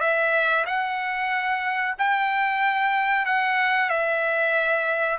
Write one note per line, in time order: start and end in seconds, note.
0.00 0.65 E5
0.66 1.95 F#5
1.98 3.25 G5
3.25 3.89 F#5
3.89 5.18 E5